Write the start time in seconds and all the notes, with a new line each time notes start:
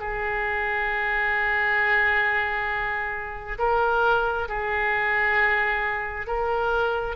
0.00 G#4
3.59 A#4
4.49 G#4
6.27 A#4